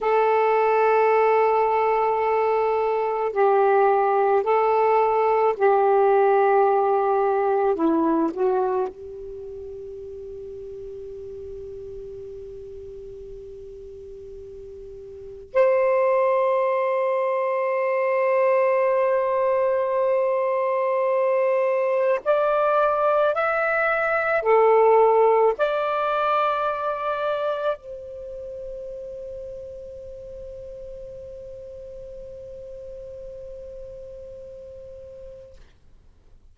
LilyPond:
\new Staff \with { instrumentName = "saxophone" } { \time 4/4 \tempo 4 = 54 a'2. g'4 | a'4 g'2 e'8 fis'8 | g'1~ | g'2 c''2~ |
c''1 | d''4 e''4 a'4 d''4~ | d''4 c''2.~ | c''1 | }